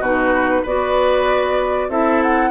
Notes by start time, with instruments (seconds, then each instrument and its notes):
0.00 bassoon B2, clarinet D#4, oboe F#4, flute B4
0.63 bassoon B3, clarinet F#4, oboe B4, flute D5
1.89 bassoon C4, clarinet E4, oboe A4, flute E5
2.23 flute F#5